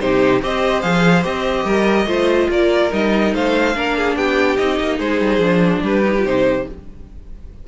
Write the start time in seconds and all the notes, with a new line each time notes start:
0.00 C3 D#4 G4 C5
0.42 C4 G4 C5 D#5
0.82 F3 G#4 F5
1.23 C4 G4 D#5
1.65 G3 A#4
2.06 A3 F4 C5
2.49 A#3 A#4 D5
2.91 G3 D#4 D#5
3.34 A3 C5 F5
3.75 A#3 D4 A#4
3.97 G#4
4.16 B3 G4 G5
4.57 C4 D#4 D#5
4.81 A#3
4.98 G#3 G#4 C5
5.20 G3
5.39 F3 D4
5.83 G3 G4 B4
6.05 D#4
6.19 C3 F4
6.25 D#4 C5